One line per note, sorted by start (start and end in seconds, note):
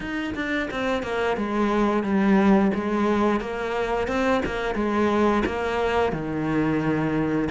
0.00 0.34 D#4
0.34 0.68 D4
0.70 1.02 C4
1.02 1.36 A#3
1.36 2.03 G#3
2.03 2.71 G3
2.74 3.40 G#3
3.40 4.07 A#3
4.07 4.41 C4
4.45 4.74 A#3
4.74 5.43 G#3
5.45 6.12 A#3
6.12 7.48 D#3